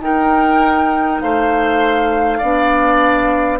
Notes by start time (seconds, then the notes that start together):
0.00 D#4 A#4 G5
1.21 A3 C5 F5
2.39 B3 D4 D5